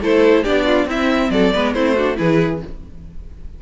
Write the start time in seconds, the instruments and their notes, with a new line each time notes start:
0.00 cello A3, viola E4, violin A4 C5
0.43 cello B3, viola D4, violin G4 D5
0.65 violin F4
0.85 cello C4, viola C4, violin E4 E5
1.30 cello F#3, violin A4 D5
1.53 cello G#3, viola B3, violin B4
1.73 cello A3, viola C4, violin E4 C5
1.95 viola D4, violin F#4
2.15 cello E3, viola E4, violin G#4 B4